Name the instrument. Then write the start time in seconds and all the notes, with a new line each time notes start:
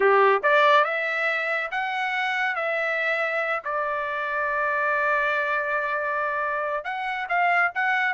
trumpet
0.00 G4
0.42 D5
0.84 E5
1.71 F#5
2.55 E5
3.64 D5
6.84 F#5
7.29 F5
7.74 F#5